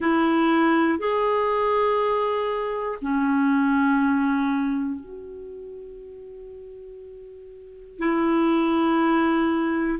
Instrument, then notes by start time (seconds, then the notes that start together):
clarinet
0.00 E4
0.98 G#4
3.01 C#4
5.00 F#4
7.99 E4